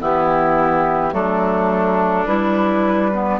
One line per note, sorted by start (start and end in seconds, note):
0.00 1.12 E3
0.00 1.12 B3
0.00 1.14 E4
0.00 1.14 G4
1.12 2.26 F#3
1.12 2.25 A3
1.12 3.40 D4
1.12 2.26 A4
2.26 3.40 G3
2.26 3.12 E4
2.26 3.39 B4
3.12 3.40 B3